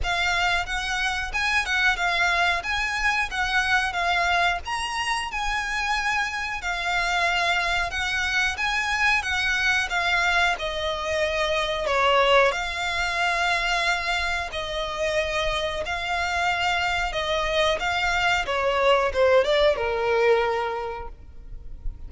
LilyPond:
\new Staff \with { instrumentName = "violin" } { \time 4/4 \tempo 4 = 91 f''4 fis''4 gis''8 fis''8 f''4 | gis''4 fis''4 f''4 ais''4 | gis''2 f''2 | fis''4 gis''4 fis''4 f''4 |
dis''2 cis''4 f''4~ | f''2 dis''2 | f''2 dis''4 f''4 | cis''4 c''8 d''8 ais'2 | }